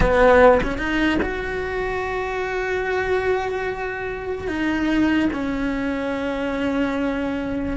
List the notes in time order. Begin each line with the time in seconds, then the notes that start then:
0.00 B3
0.62 C#4
0.78 D#4
1.22 F#4
4.47 D#4
5.32 C#4